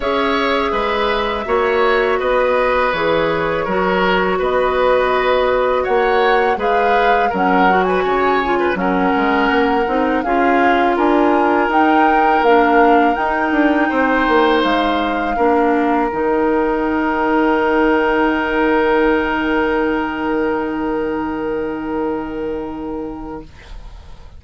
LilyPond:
<<
  \new Staff \with { instrumentName = "flute" } { \time 4/4 \tempo 4 = 82 e''2. dis''4 | cis''2 dis''2 | fis''4 f''4 fis''8. gis''4~ gis''16 | fis''2 f''4 gis''4 |
g''4 f''4 g''2 | f''2 g''2~ | g''1~ | g''1 | }
  \new Staff \with { instrumentName = "oboe" } { \time 4/4 cis''4 b'4 cis''4 b'4~ | b'4 ais'4 b'2 | cis''4 b'4 ais'8. b'16 cis''8. b'16 | ais'2 gis'4 ais'4~ |
ais'2. c''4~ | c''4 ais'2.~ | ais'1~ | ais'1 | }
  \new Staff \with { instrumentName = "clarinet" } { \time 4/4 gis'2 fis'2 | gis'4 fis'2.~ | fis'4 gis'4 cis'8 fis'4 f'8 | cis'4. dis'8 f'2 |
dis'4 d'4 dis'2~ | dis'4 d'4 dis'2~ | dis'1~ | dis'1 | }
  \new Staff \with { instrumentName = "bassoon" } { \time 4/4 cis'4 gis4 ais4 b4 | e4 fis4 b2 | ais4 gis4 fis4 cis4 | fis8 gis8 ais8 c'8 cis'4 d'4 |
dis'4 ais4 dis'8 d'8 c'8 ais8 | gis4 ais4 dis2~ | dis1~ | dis1 | }
>>